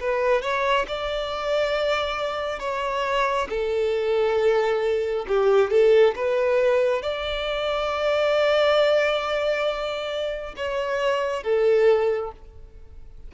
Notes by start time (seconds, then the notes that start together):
0.00 B4
0.42 C#5
0.88 D5
2.59 C#5
3.49 A4
5.28 G4
5.70 A4
6.15 B4
7.02 D5
10.56 C#5
11.43 A4